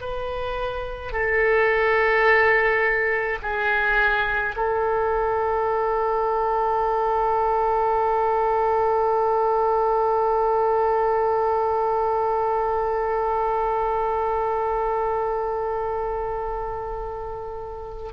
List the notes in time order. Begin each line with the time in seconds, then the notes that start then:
0.00 B4
1.12 A4
3.42 G#4
4.56 A4